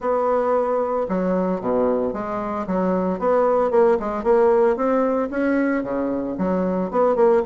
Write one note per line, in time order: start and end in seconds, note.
0.00 1.06 B3
1.08 1.60 F#3
1.60 2.13 B2
2.13 2.66 G#3
2.66 3.19 F#3
3.19 3.70 B3
3.70 3.97 A#3
3.99 4.23 G#3
4.23 4.76 A#3
4.76 5.29 C4
5.30 5.83 C#4
5.83 6.36 C#3
6.38 6.90 F#3
6.90 7.15 B3
7.15 7.42 A#3